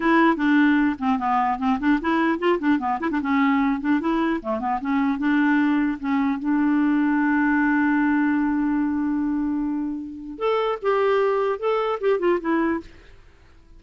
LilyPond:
\new Staff \with { instrumentName = "clarinet" } { \time 4/4 \tempo 4 = 150 e'4 d'4. c'8 b4 | c'8 d'8 e'4 f'8 d'8 b8 e'16 d'16 | cis'4. d'8 e'4 a8 b8 | cis'4 d'2 cis'4 |
d'1~ | d'1~ | d'2 a'4 g'4~ | g'4 a'4 g'8 f'8 e'4 | }